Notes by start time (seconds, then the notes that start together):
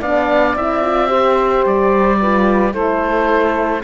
0.00 B3 D4 D5 F5
0.56 C4 E4 E5
0.83 F4
1.08 G4 C5
1.65 G3 D5
2.20 F4 B4
2.72 A3 E4 A4 C5